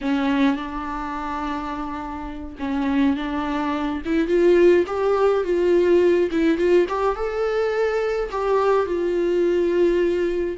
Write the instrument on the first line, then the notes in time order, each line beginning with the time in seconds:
viola
0.01 C#4
0.56 D4
2.59 C#4
3.16 D4
4.05 E4
4.27 F4
4.86 G4
5.44 F4
6.31 E4
6.57 F4
6.89 G4
7.15 A4
8.31 G4
8.85 F4